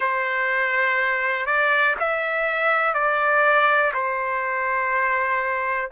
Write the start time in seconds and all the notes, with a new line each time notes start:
0.00 C5
1.46 D5
1.99 E5
2.94 D5
3.93 C5